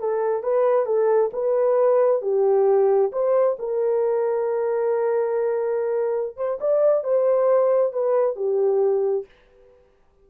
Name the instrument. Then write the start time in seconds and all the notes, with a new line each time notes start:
horn
0.00 A4
0.43 B4
0.86 A4
1.33 B4
2.22 G4
3.12 C5
3.59 A#4
6.37 C5
6.61 D5
7.04 C5
7.93 B4
8.36 G4